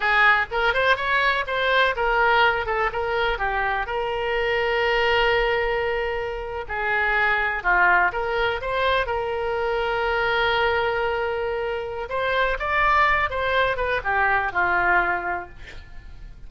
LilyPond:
\new Staff \with { instrumentName = "oboe" } { \time 4/4 \tempo 4 = 124 gis'4 ais'8 c''8 cis''4 c''4 | ais'4. a'8 ais'4 g'4 | ais'1~ | ais'4.~ ais'16 gis'2 f'16~ |
f'8. ais'4 c''4 ais'4~ ais'16~ | ais'1~ | ais'4 c''4 d''4. c''8~ | c''8 b'8 g'4 f'2 | }